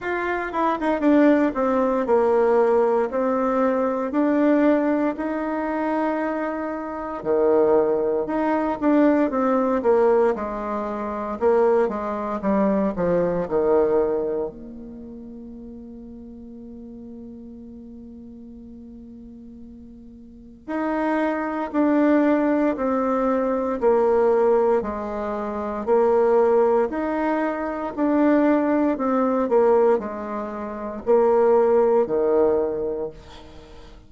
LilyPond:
\new Staff \with { instrumentName = "bassoon" } { \time 4/4 \tempo 4 = 58 f'8 e'16 dis'16 d'8 c'8 ais4 c'4 | d'4 dis'2 dis4 | dis'8 d'8 c'8 ais8 gis4 ais8 gis8 | g8 f8 dis4 ais2~ |
ais1 | dis'4 d'4 c'4 ais4 | gis4 ais4 dis'4 d'4 | c'8 ais8 gis4 ais4 dis4 | }